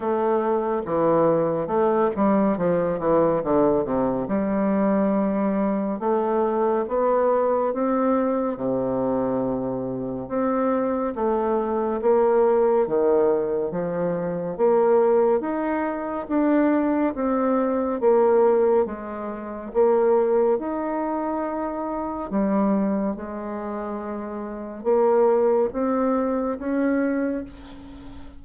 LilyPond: \new Staff \with { instrumentName = "bassoon" } { \time 4/4 \tempo 4 = 70 a4 e4 a8 g8 f8 e8 | d8 c8 g2 a4 | b4 c'4 c2 | c'4 a4 ais4 dis4 |
f4 ais4 dis'4 d'4 | c'4 ais4 gis4 ais4 | dis'2 g4 gis4~ | gis4 ais4 c'4 cis'4 | }